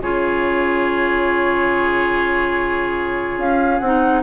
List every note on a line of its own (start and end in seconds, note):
0.00 3.38 C#3
0.00 3.83 F4
0.00 4.23 G#4
0.00 3.40 C#5
3.38 3.80 C#4
3.38 3.80 F5
3.80 4.23 C4
3.80 4.23 D#4
3.80 4.22 F#5